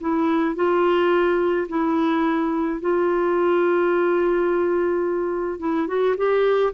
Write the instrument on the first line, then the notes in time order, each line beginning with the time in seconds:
clarinet
0.00 E4
0.55 F4
1.68 E4
2.80 F4
5.59 E4
5.87 F#4
6.17 G4